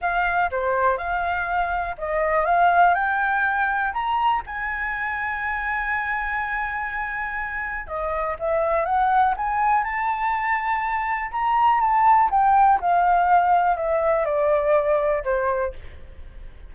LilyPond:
\new Staff \with { instrumentName = "flute" } { \time 4/4 \tempo 4 = 122 f''4 c''4 f''2 | dis''4 f''4 g''2 | ais''4 gis''2.~ | gis''1 |
dis''4 e''4 fis''4 gis''4 | a''2. ais''4 | a''4 g''4 f''2 | e''4 d''2 c''4 | }